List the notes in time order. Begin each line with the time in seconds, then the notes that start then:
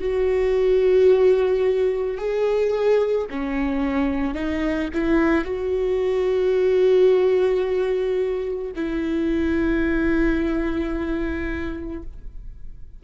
0.00 F#4
2.18 G#4
3.31 C#4
4.34 D#4
4.94 E4
5.45 F#4
8.76 E4